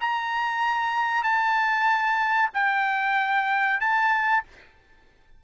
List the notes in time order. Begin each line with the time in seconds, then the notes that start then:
0.00 A#5
1.23 A5
2.53 G5
3.80 A5